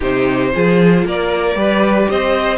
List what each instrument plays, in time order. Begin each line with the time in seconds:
0.00 cello C3, viola D#4, violin G4 C5
0.51 cello F3, viola F4, violin G#4
1.04 cello A#3, violin A#4 D5
1.55 cello G3, viola G4, violin B4
2.09 cello C4, violin C5 D#5